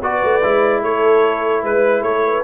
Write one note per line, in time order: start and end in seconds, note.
0.00 0.21 B3
0.00 0.42 F#4
0.00 0.81 B4
0.00 0.83 D5
0.23 0.43 A3
0.42 0.82 G#3
0.42 2.43 E4
0.81 1.63 A3
0.81 1.62 A4
0.81 1.64 C#5
1.62 2.02 G#3
1.62 2.01 B4
1.62 2.02 B4
2.01 2.43 A3
2.01 2.21 A4
2.01 2.43 C#5
2.26 2.43 B4